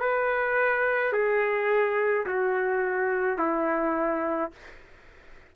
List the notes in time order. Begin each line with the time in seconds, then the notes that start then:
0.00 B4
1.13 G#4
2.26 F#4
3.39 E4